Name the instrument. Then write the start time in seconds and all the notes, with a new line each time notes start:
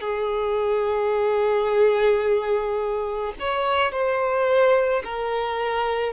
violin
0.00 G#4
3.39 C#5
3.91 C5
5.04 A#4